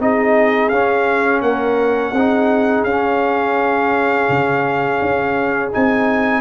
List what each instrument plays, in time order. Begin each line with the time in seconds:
0.00 tuba C4, trombone D#4, horn G#4, trumpet D#5
0.69 tuba C#4, trombone C#4, trumpet F5
1.42 tuba A#3, horn A#4, trumpet F#5
2.12 tuba C4, trombone D#4, horn G#4
2.84 tuba C#4, trombone C#4, trumpet F5
4.29 tuba C#3
5.02 tuba C#4
5.72 tuba C4, trombone D#4, trumpet G#5